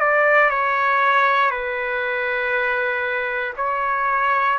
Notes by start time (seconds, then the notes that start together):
0.00 D5
0.50 C#5
1.50 B4
3.57 C#5